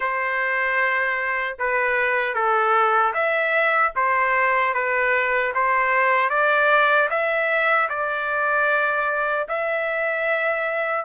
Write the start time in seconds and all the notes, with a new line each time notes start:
0.00 C5
1.59 B4
2.34 A4
3.13 E5
3.95 C5
4.74 B4
5.54 C5
6.29 D5
7.09 E5
7.89 D5
9.48 E5